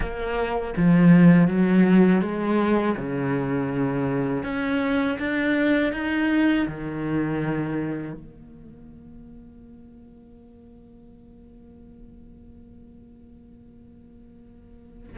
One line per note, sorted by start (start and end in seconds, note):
0.00 0.74 A#3
0.76 1.47 F3
1.47 2.21 F#3
2.21 2.95 G#3
2.96 4.43 C#3
4.43 5.18 C#4
5.18 5.92 D4
5.92 6.66 D#4
6.67 8.13 D#3
8.13 15.17 A#3